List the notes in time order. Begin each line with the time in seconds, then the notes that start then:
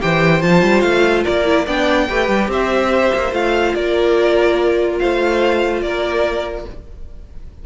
0.00 E3 G4 C5 G5
0.40 F3 F4 A5
0.62 G3
0.80 A3 F5
1.23 A#3 A#4 D5
1.45 E4
1.65 B3 D4 D5 G5
2.09 A3 G4 B4
2.28 G3
2.48 C4 C5 E5
3.14 A#3
3.31 A3 F4 F5
3.74 A#3 A#4 D5
4.98 A3 C5 F5
5.81 A#3 A#4 D5